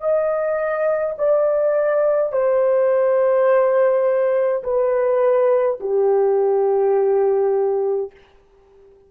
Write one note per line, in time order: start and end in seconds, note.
0.00 1.15 D#5
1.18 2.32 D5
2.32 4.63 C5
4.63 5.78 B4
5.80 8.10 G4